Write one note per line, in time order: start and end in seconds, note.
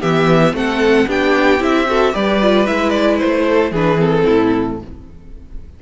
0.00 0.53 E3
0.00 0.53 B3
0.00 0.53 G4
0.00 0.54 E5
0.53 1.06 A3
0.53 1.06 C4
0.53 1.08 A4
0.53 1.09 F#5
1.07 1.60 B3
1.07 1.59 D4
1.07 1.87 G4
1.07 1.62 G5
1.59 2.13 C4
1.59 1.85 E4
1.59 2.14 E5
1.87 2.12 F#4
1.87 2.13 A4
2.12 2.67 G3
2.12 2.38 G4
2.12 3.46 B4
2.12 2.66 D5
2.41 2.66 F4
2.66 3.22 G#3
2.66 3.72 E4
2.66 2.89 E5
2.89 3.16 D5
3.18 3.71 A3
3.18 3.71 C5
3.49 3.71 A4
3.71 4.24 E3
3.71 3.97 D4
3.71 4.24 G#4
3.71 4.00 B4
3.97 4.77 C4
3.97 4.80 A4
4.24 4.82 A2
4.24 4.77 E4